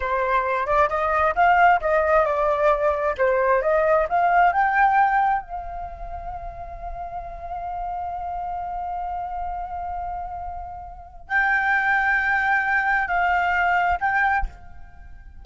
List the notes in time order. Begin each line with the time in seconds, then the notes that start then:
0.00 C5
0.66 D5
0.89 D#5
1.35 F5
1.80 D#5
2.25 D5
3.17 C5
3.62 D#5
4.09 F5
4.52 G5
5.42 F5
11.28 G5
13.07 F5
14.00 G5